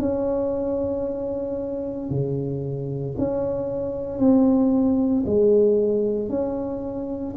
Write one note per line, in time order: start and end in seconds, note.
0.00 2.11 C#4
2.11 3.16 C#3
3.19 4.19 C#4
4.19 5.24 C4
5.27 6.30 G#3
6.30 7.35 C#4